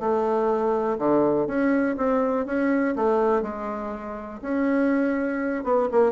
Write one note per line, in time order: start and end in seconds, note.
0.00 0.98 A3
0.99 1.47 D3
1.47 1.96 C#4
1.97 2.46 C4
2.46 2.95 C#4
2.96 3.43 A3
3.43 4.41 G#3
4.42 5.64 C#4
5.64 5.89 B3
5.92 6.13 A#3